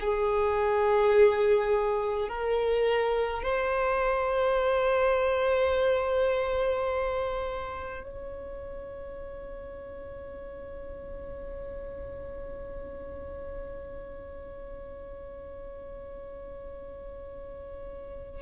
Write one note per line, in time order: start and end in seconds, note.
0.00 2.28 G#4
2.28 3.42 A#4
3.42 8.03 C5
8.03 18.41 C#5